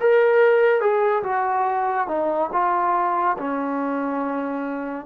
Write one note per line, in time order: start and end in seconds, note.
0.00 0.81 A#4
0.81 1.23 G#4
1.23 2.07 F#4
2.07 2.50 D#4
2.52 3.37 F4
3.38 5.06 C#4